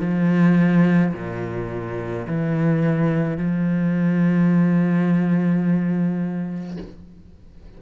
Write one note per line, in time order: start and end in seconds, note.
0.00 1.13 F3
1.14 2.27 A#2
2.27 3.38 E3
3.38 6.77 F3